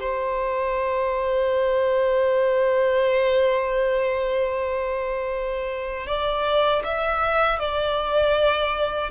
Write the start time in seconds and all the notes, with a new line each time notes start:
0.00 C5
6.07 D5
6.84 E5
7.59 D5